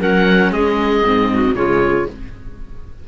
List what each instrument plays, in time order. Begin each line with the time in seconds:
0.00 cello F#3, viola C#4, clarinet A#4, oboe F#5
0.52 cello G#3, clarinet G#4, oboe D#5
1.05 cello G#2, viola C4
1.34 clarinet F#4
1.54 cello C#3, viola G#3, clarinet F4, oboe C#5